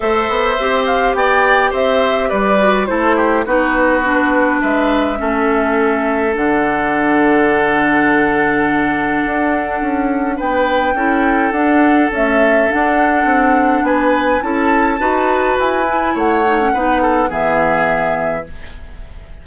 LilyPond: <<
  \new Staff \with { instrumentName = "flute" } { \time 4/4 \tempo 4 = 104 e''4. f''8 g''4 e''4 | d''4 c''4 b'2 | e''2. fis''4~ | fis''1~ |
fis''2 g''2 | fis''4 e''4 fis''2 | gis''4 a''2 gis''4 | fis''2 e''2 | }
  \new Staff \with { instrumentName = "oboe" } { \time 4/4 c''2 d''4 c''4 | b'4 a'8 g'8 fis'2 | b'4 a'2.~ | a'1~ |
a'2 b'4 a'4~ | a'1 | b'4 a'4 b'2 | cis''4 b'8 a'8 gis'2 | }
  \new Staff \with { instrumentName = "clarinet" } { \time 4/4 a'4 g'2.~ | g'8 fis'8 e'4 dis'4 d'4~ | d'4 cis'2 d'4~ | d'1~ |
d'2. e'4 | d'4 a4 d'2~ | d'4 e'4 fis'4. e'8~ | e'8 dis'16 cis'16 dis'4 b2 | }
  \new Staff \with { instrumentName = "bassoon" } { \time 4/4 a8 b8 c'4 b4 c'4 | g4 a4 b2 | gis4 a2 d4~ | d1 |
d'4 cis'4 b4 cis'4 | d'4 cis'4 d'4 c'4 | b4 cis'4 dis'4 e'4 | a4 b4 e2 | }
>>